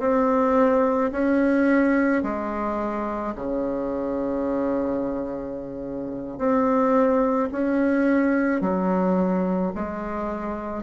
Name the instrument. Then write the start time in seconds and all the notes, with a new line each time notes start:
bassoon
0.00 C4
1.12 C#4
2.23 G#3
3.35 C#3
6.38 C4
7.52 C#4
8.61 F#3
9.75 G#3